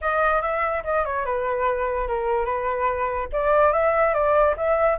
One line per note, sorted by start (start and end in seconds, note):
0.01 0.41 D#5
0.41 0.83 E5
0.84 1.04 D#5
1.04 1.25 C#5
1.25 2.07 B4
2.07 2.45 A#4
2.45 3.28 B4
3.32 3.72 D5
3.72 4.14 E5
4.14 4.55 D5
4.56 4.98 E5